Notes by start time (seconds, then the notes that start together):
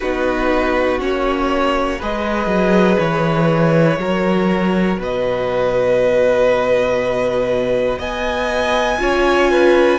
0.00 B3 D#4 F#4 B4
0.99 A#3 C#4 C#5
1.99 G#3 G#4 B4 D#5
2.46 F#3
2.99 E3 C#5
3.98 F#3 F#4 A#4
4.98 B2 B4 D#5
7.99 B3 D#5 G#5
8.99 C#4 F4 C#5
9.50 B4